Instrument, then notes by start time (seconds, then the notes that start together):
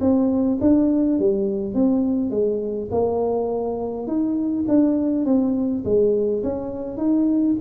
tuba
0.00 C4
0.60 D4
1.19 G3
1.74 C4
2.30 G#3
2.91 A#3
4.07 D#4
4.67 D4
5.25 C4
5.84 G#3
6.43 C#4
6.97 D#4